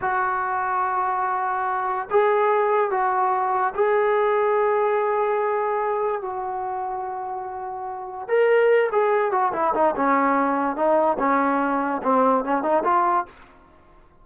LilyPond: \new Staff \with { instrumentName = "trombone" } { \time 4/4 \tempo 4 = 145 fis'1~ | fis'4 gis'2 fis'4~ | fis'4 gis'2.~ | gis'2. fis'4~ |
fis'1 | ais'4. gis'4 fis'8 e'8 dis'8 | cis'2 dis'4 cis'4~ | cis'4 c'4 cis'8 dis'8 f'4 | }